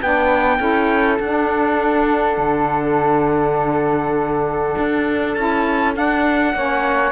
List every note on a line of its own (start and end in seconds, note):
0.00 0.59 B3
0.00 0.59 D4
0.00 0.59 B4
0.00 1.19 G5
0.59 1.18 C#4
0.59 1.18 E4
0.59 6.54 A4
1.19 2.37 D4
1.19 5.37 D4
1.19 5.33 F#5
2.37 4.75 D3
4.77 5.36 D4
5.33 5.96 C#4
5.33 5.94 E4
5.33 5.93 A5
5.94 6.53 D4
5.94 6.54 D4
5.94 7.11 F#5
6.54 7.11 A#3
6.54 7.11 C#4
6.54 7.11 C#5